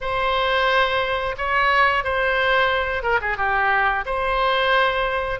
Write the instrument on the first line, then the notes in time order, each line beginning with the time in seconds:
oboe
0.00 C5
1.37 C#5
2.04 C5
3.02 A#4
3.21 G#4
3.37 G4
4.05 C5